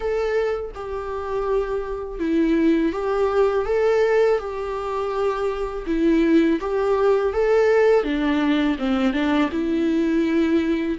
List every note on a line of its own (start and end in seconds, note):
0.00 0.71 A4
0.75 2.19 G4
2.19 2.92 E4
2.92 3.65 G4
3.65 4.38 A4
4.39 5.85 G4
5.86 6.59 E4
6.60 7.33 G4
7.33 8.03 A4
8.03 8.76 D4
8.78 9.13 C4
9.13 9.50 D4
9.51 10.98 E4